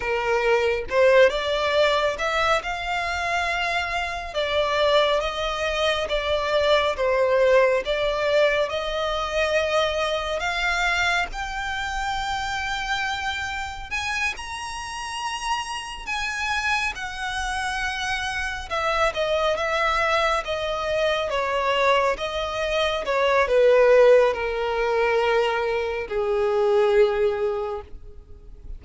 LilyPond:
\new Staff \with { instrumentName = "violin" } { \time 4/4 \tempo 4 = 69 ais'4 c''8 d''4 e''8 f''4~ | f''4 d''4 dis''4 d''4 | c''4 d''4 dis''2 | f''4 g''2. |
gis''8 ais''2 gis''4 fis''8~ | fis''4. e''8 dis''8 e''4 dis''8~ | dis''8 cis''4 dis''4 cis''8 b'4 | ais'2 gis'2 | }